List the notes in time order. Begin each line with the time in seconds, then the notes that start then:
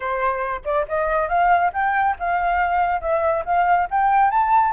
0.00 C5
0.65 D5
0.88 D#5
1.28 F5
1.73 G5
2.19 F5
3.01 E5
3.45 F5
3.90 G5
4.30 A5